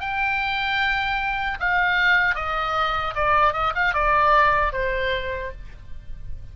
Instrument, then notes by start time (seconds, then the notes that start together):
oboe
0.00 G5
1.59 F5
2.35 D#5
3.15 D5
3.53 D#5
3.75 F5
3.94 D5
4.72 C5